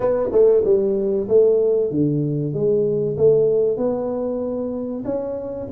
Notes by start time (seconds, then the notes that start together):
0.00 B3
0.32 A3
0.64 G3
1.28 A3
1.90 D3
2.53 G#3
3.17 A3
3.77 B3
5.04 C#4